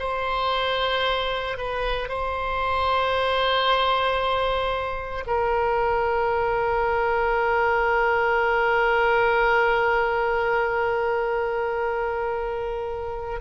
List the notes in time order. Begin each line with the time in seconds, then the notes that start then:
0.00 C5
1.58 B4
2.09 C5
5.27 A#4